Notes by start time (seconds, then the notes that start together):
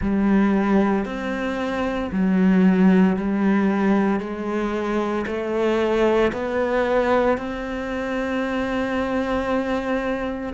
0.00 G3
1.05 C4
2.11 F#3
3.16 G3
4.20 G#3
5.26 A3
6.32 B3
7.37 C4